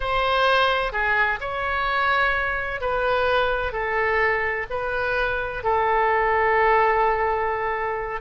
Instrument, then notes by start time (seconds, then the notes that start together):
oboe
0.00 C5
0.92 G#4
1.40 C#5
2.80 B4
3.72 A4
4.70 B4
5.63 A4